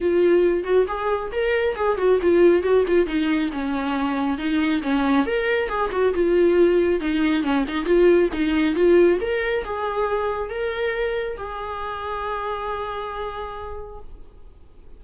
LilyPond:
\new Staff \with { instrumentName = "viola" } { \time 4/4 \tempo 4 = 137 f'4. fis'8 gis'4 ais'4 | gis'8 fis'8 f'4 fis'8 f'8 dis'4 | cis'2 dis'4 cis'4 | ais'4 gis'8 fis'8 f'2 |
dis'4 cis'8 dis'8 f'4 dis'4 | f'4 ais'4 gis'2 | ais'2 gis'2~ | gis'1 | }